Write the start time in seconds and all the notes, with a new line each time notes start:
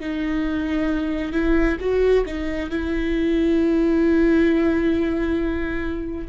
0.00 D#4
1.32 E4
1.80 F#4
2.26 D#4
2.70 E4